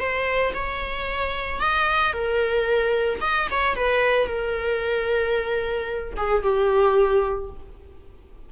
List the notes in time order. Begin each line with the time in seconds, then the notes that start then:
0.00 C5
0.54 C#5
1.61 D#5
2.13 A#4
3.21 D#5
3.51 C#5
3.76 B4
4.27 A#4
6.17 G#4
6.43 G4